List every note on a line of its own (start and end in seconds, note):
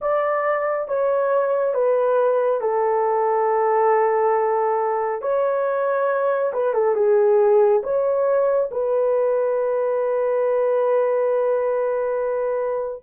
0.01 0.87 D5
0.87 1.74 C#5
1.74 2.60 B4
2.60 5.21 A4
5.21 6.52 C#5
6.53 6.73 B4
6.73 6.94 A4
6.94 7.81 G#4
7.83 8.70 C#5
8.71 13.03 B4